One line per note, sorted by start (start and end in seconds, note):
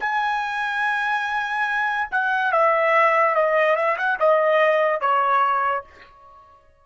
0.00 2.08 G#5
2.11 2.52 F#5
2.52 3.35 E5
3.35 3.76 D#5
3.76 3.97 E5
3.98 4.19 F#5
4.20 5.01 D#5
5.01 5.84 C#5